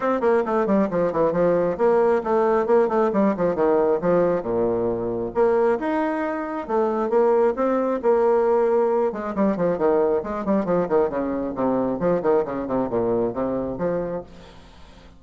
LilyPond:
\new Staff \with { instrumentName = "bassoon" } { \time 4/4 \tempo 4 = 135 c'8 ais8 a8 g8 f8 e8 f4 | ais4 a4 ais8 a8 g8 f8 | dis4 f4 ais,2 | ais4 dis'2 a4 |
ais4 c'4 ais2~ | ais8 gis8 g8 f8 dis4 gis8 g8 | f8 dis8 cis4 c4 f8 dis8 | cis8 c8 ais,4 c4 f4 | }